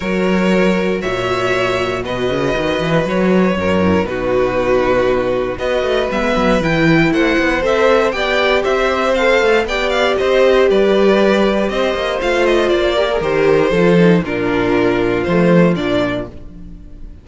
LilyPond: <<
  \new Staff \with { instrumentName = "violin" } { \time 4/4 \tempo 4 = 118 cis''2 e''2 | dis''2 cis''2 | b'2. dis''4 | e''4 g''4 fis''4 e''4 |
g''4 e''4 f''4 g''8 f''8 | dis''4 d''2 dis''4 | f''8 dis''8 d''4 c''2 | ais'2 c''4 d''4 | }
  \new Staff \with { instrumentName = "violin" } { \time 4/4 ais'2 cis''2 | b'2. ais'4 | fis'2. b'4~ | b'2 c''2 |
d''4 c''2 d''4 | c''4 b'2 c''4~ | c''4. ais'4. a'4 | f'1 | }
  \new Staff \with { instrumentName = "viola" } { \time 4/4 fis'1~ | fis'2.~ fis'8 e'8 | dis'2. fis'4 | b4 e'2 a'4 |
g'2 a'4 g'4~ | g'1 | f'4. g'16 gis'16 g'4 f'8 dis'8 | d'2 a4 d'4 | }
  \new Staff \with { instrumentName = "cello" } { \time 4/4 fis2 ais,2 | b,8 cis8 dis8 e8 fis4 fis,4 | b,2. b8 a8 | g16 gis16 fis8 e4 a8 b8 c'4 |
b4 c'4. a8 b4 | c'4 g2 c'8 ais8 | a4 ais4 dis4 f4 | ais,2 f4 ais,4 | }
>>